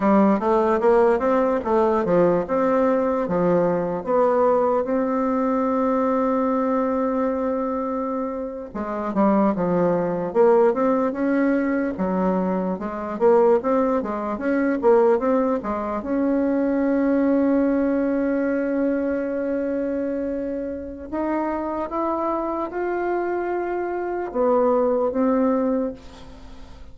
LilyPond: \new Staff \with { instrumentName = "bassoon" } { \time 4/4 \tempo 4 = 74 g8 a8 ais8 c'8 a8 f8 c'4 | f4 b4 c'2~ | c'2~ c'8. gis8 g8 f16~ | f8. ais8 c'8 cis'4 fis4 gis16~ |
gis16 ais8 c'8 gis8 cis'8 ais8 c'8 gis8 cis'16~ | cis'1~ | cis'2 dis'4 e'4 | f'2 b4 c'4 | }